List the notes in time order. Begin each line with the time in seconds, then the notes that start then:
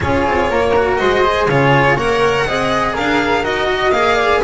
0.00 C#4 F4 G#4 C#5
0.26 C4
0.50 A#3 A#4
0.76 F#4
0.96 G#3 C5 D#5
1.24 G#4
1.47 C#3 F4 G#4 C#5
1.95 A#3 A#4 C#5 F#5
2.46 C4 G#4 D#5
2.93 D4 A#4 F5
3.43 D#4 F#4 D#5
3.68 D#5
3.91 A#3 G#4 F5
4.15 D5